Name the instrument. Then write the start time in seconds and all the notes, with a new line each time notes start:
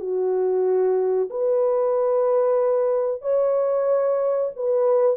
horn
0.00 F#4
1.30 B4
3.22 C#5
4.56 B4